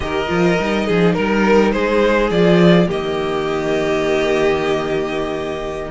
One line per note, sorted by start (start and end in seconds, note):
0.00 0.27 D#3
0.00 0.28 G4
0.00 0.86 A#4
0.00 1.14 D#5
0.28 0.59 F3
0.28 0.56 F4
0.59 0.88 G3
0.59 2.32 D#4
0.86 1.17 F3
0.86 1.13 G#4
1.13 1.73 G3
1.13 1.71 A#4
1.13 1.72 A#4
1.72 2.30 G#3
1.72 2.87 G#4
1.72 2.29 C5
2.30 2.88 F3
2.30 2.87 F4
2.30 2.88 D5
2.87 5.91 D#3
2.87 5.90 A#3
2.87 5.90 G4
2.87 5.91 D#5